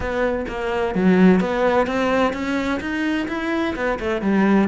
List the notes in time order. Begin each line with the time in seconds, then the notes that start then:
0.00 B3
0.48 A#3
0.94 F#3
1.40 B3
1.86 C4
2.33 C#4
2.80 D#4
3.27 E4
3.75 B3
3.99 A3
4.21 G3